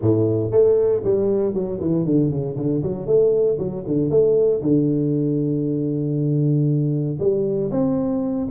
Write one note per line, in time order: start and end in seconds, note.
0.01 0.51 A2
0.51 1.02 A3
1.03 1.54 G3
1.54 1.79 F#3
1.80 2.05 E3
2.05 2.30 D3
2.30 2.55 C#3
2.56 2.82 D3
2.83 3.06 F#3
3.06 3.57 A3
3.58 3.84 F#3
3.86 4.10 D3
4.10 4.61 A3
4.61 7.17 D3
7.19 7.70 G3
7.71 8.48 C4